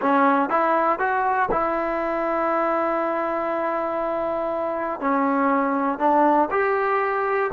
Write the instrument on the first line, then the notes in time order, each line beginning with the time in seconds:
trombone
0.01 C#4
0.49 E4
0.99 F#4
1.51 E4
5.00 C#4
5.98 D4
6.50 G4